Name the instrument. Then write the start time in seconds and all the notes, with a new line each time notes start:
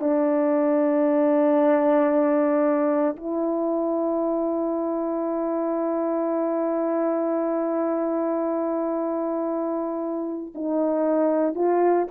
horn
0.00 D4
3.16 E4
10.55 D#4
11.55 F4